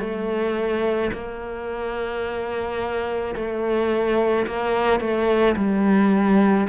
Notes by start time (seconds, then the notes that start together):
0.00 A3
1.13 A#3
3.35 A3
4.47 A#3
5.00 A3
5.57 G3